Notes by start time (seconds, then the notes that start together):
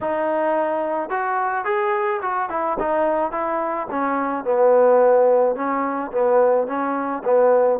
0.01 D#4
1.09 F#4
1.64 G#4
2.21 F#4
2.49 E4
2.79 D#4
3.31 E4
3.90 C#4
4.44 B3
5.55 C#4
6.11 B3
6.67 C#4
7.24 B3